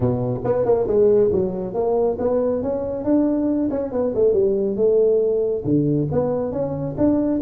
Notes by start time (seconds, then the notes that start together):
0.00 B2
0.44 B3
0.65 A#3
0.87 G#3
1.32 F#3
1.74 A#3
2.18 B3
2.62 C#4
3.04 D4
3.70 C#4
3.92 B3
4.14 A3
4.33 G3
4.76 A3
5.64 D3
6.11 B3
6.52 C#4
6.97 D4